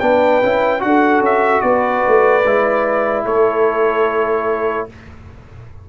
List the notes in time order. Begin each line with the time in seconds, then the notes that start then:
0.00 B3 D4 B4 G5
0.43 C#4 E4
0.80 D4 F#4 A4 F#5
1.21 C#4 E5
1.61 B3 B4 D5
2.08 A3
2.45 G#3 E4
3.25 A3 A4 C#5